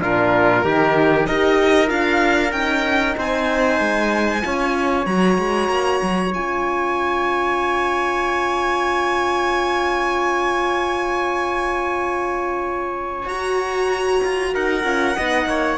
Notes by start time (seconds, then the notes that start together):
0.00 A#2 D4 F4 A#4
0.63 D#3 D#4 G4
1.27 D#4 G4 A#4 D#5
1.87 D4 F4 F5
2.52 C#4 D#4 G5
3.17 C4 C5 G#5
3.80 G#3
4.42 C#4 F4 C#5
5.06 F#3 F#4 A#5
5.38 G#3
5.69 A#3
6.02 F#3
6.33 C#4 F4 G#5
13.26 F#4 A#5
14.23 F4
14.54 D#4 A#4 F#5
14.84 C#4 F4
15.16 B3 D#4 D#5
15.46 A#3 C#5